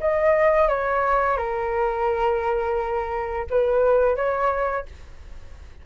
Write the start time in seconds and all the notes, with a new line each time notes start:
0.00 D#5
0.68 C#5
1.37 A#4
3.50 B4
4.16 C#5